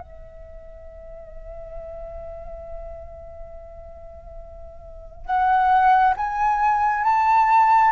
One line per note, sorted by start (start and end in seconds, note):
0.00 5.26 E5
5.26 6.14 F#5
6.17 7.05 G#5
7.05 7.92 A5